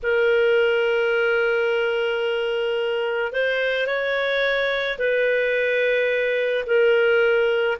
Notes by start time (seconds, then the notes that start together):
0.03 A#4
3.32 C5
3.87 C#5
4.98 B4
6.66 A#4